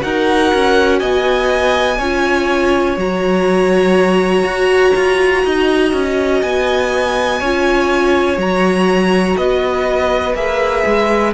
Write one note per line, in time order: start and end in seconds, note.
0.00 0.53 D#4
0.00 1.97 F#4
0.00 0.99 A#4
0.00 0.99 F#5
0.54 1.02 C#4
0.99 1.99 B3
0.99 1.98 D#5
0.99 2.96 G#5
1.98 2.97 C#4
1.98 2.98 F4
1.98 5.42 C#5
2.97 4.43 F#3
2.97 7.41 F#4
2.97 6.41 A#5
4.43 4.92 F#4
4.95 5.44 F4
5.45 5.93 D#4
5.45 7.40 D#5
5.93 6.42 C#4
6.41 7.41 B3
6.41 8.38 G#5
7.40 8.37 C#4
7.40 8.37 F4
7.40 9.36 C#5
8.37 9.36 F#3
8.37 10.34 F#4
8.37 9.36 A#5
9.36 10.34 B3
9.36 11.33 B4
9.36 10.35 D#5
10.34 10.84 A#3
10.34 11.33 G#4
10.34 11.33 E5
10.86 11.33 G#3